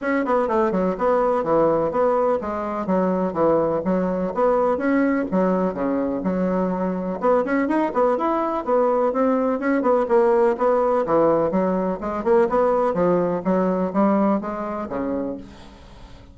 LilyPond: \new Staff \with { instrumentName = "bassoon" } { \time 4/4 \tempo 4 = 125 cis'8 b8 a8 fis8 b4 e4 | b4 gis4 fis4 e4 | fis4 b4 cis'4 fis4 | cis4 fis2 b8 cis'8 |
dis'8 b8 e'4 b4 c'4 | cis'8 b8 ais4 b4 e4 | fis4 gis8 ais8 b4 f4 | fis4 g4 gis4 cis4 | }